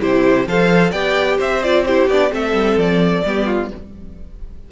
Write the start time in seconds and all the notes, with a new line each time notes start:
0.00 C3 E4 G4 C5
0.46 F3 A4 C5 F5
0.91 B3 G4 D5 G5
1.37 C4 C5 E5
1.63 F4 D5
1.85 E4 G4 C5
2.07 B3 D4 D5
2.30 A3 C4 A4 E5
2.53 G3
2.77 F3 D5
3.25 G3 B3 G4
3.46 F4